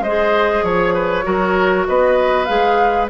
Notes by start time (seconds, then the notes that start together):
0.00 G#3 C5 D#5
0.07 G#4
0.63 F3 C#5
0.94 B4
1.23 F#3 F#4 A#4
1.87 B3 B4 D#5
2.45 G#3 G#4 F5